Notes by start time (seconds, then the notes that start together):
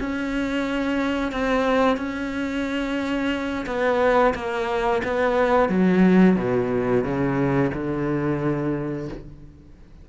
0.00 C#4
1.32 C4
1.97 C#4
3.67 B3
4.35 A#3
5.04 B3
5.69 F#3
6.36 B2
7.04 C#3
7.74 D3